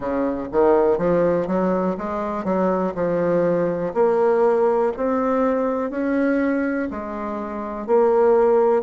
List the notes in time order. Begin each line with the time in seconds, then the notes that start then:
0.00 C#3
0.51 D#3
0.98 F3
1.47 F#3
1.97 G#3
2.44 F#3
2.95 F3
3.93 A#3
4.97 C4
5.90 C#4
6.90 G#3
7.86 A#3